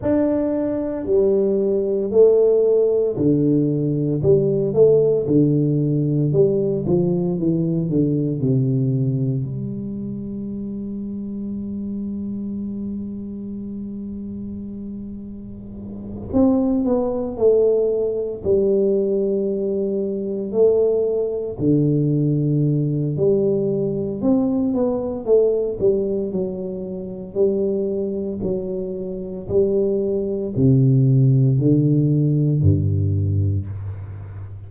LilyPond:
\new Staff \with { instrumentName = "tuba" } { \time 4/4 \tempo 4 = 57 d'4 g4 a4 d4 | g8 a8 d4 g8 f8 e8 d8 | c4 g2.~ | g2.~ g8 c'8 |
b8 a4 g2 a8~ | a8 d4. g4 c'8 b8 | a8 g8 fis4 g4 fis4 | g4 c4 d4 g,4 | }